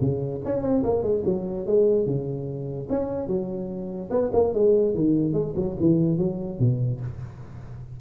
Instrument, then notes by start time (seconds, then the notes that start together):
tuba
0.00 C#3
0.45 C#4
0.61 C4
0.83 A#3
1.02 G#3
1.25 F#3
1.66 G#3
2.05 C#3
2.89 C#4
3.27 F#3
4.10 B3
4.33 A#3
4.53 G#3
4.94 D#3
5.33 G#3
5.56 F#3
5.80 E3
6.18 F#3
6.59 B2